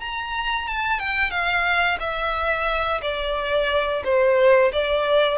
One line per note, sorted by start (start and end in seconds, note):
0.00 0.67 A#5
0.67 0.99 A5
0.99 1.30 G5
1.30 1.97 F5
1.99 3.01 E5
3.01 4.02 D5
4.04 4.71 C5
4.72 5.37 D5